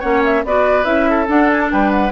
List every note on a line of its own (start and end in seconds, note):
0.00 0.44 A#3
0.00 0.44 C#4
0.00 0.42 C#5
0.00 0.23 F#5
0.24 0.46 E5
0.44 0.85 B3
0.44 0.84 F#4
0.44 1.10 B4
0.44 0.85 D5
0.84 1.27 C#4
0.84 1.26 E4
0.84 1.27 E5
1.10 1.73 A4
1.27 2.12 D4
1.27 1.71 D4
1.27 1.51 F#5
1.51 1.60 G#5
1.60 1.71 A5
1.72 2.12 G3
1.72 2.12 B4
1.72 1.91 G5
1.91 2.12 F#5